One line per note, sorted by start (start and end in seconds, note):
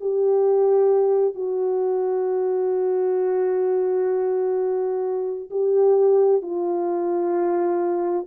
0.00 1.35 G4
1.35 5.50 F#4
5.50 6.42 G4
6.42 8.27 F4